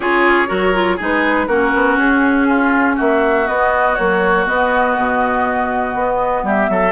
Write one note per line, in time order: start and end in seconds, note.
0.00 0.50 C#4
0.00 0.47 F4
0.00 0.47 G#4
0.00 0.99 C#5
0.47 0.99 F#3
0.47 0.72 F#4
0.47 0.96 A#4
0.73 0.98 F4
0.96 1.47 G#3
0.96 1.48 D#4
0.96 1.46 G#4
1.03 1.47 B4
1.47 1.72 A#3
1.47 3.46 C#4
1.47 2.47 F#4
1.47 1.97 A#4
1.74 1.96 B3
1.96 2.96 C#4
1.96 2.97 G#4
2.48 2.95 F4
2.95 3.48 A#3
2.95 6.42 F#4
2.95 3.47 E5
3.46 3.96 B3
3.46 3.97 B3
3.46 3.94 D#5
3.94 4.46 F#3
3.94 4.47 A#3
3.94 4.44 C#5
4.46 6.92 B3
4.46 4.97 B3
4.46 6.45 D#5
4.97 5.94 B2
5.94 6.43 B3
6.43 6.67 G3
6.43 6.70 G4
6.43 6.92 E5
6.68 6.92 F#3
6.68 6.92 A4